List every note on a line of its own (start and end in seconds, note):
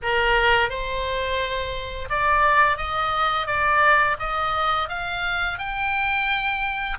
0.02 0.69 A#4
0.69 2.09 C5
2.09 2.77 D5
2.77 3.47 D#5
3.47 4.16 D5
4.19 4.88 D#5
4.88 5.58 F5
5.58 6.98 G5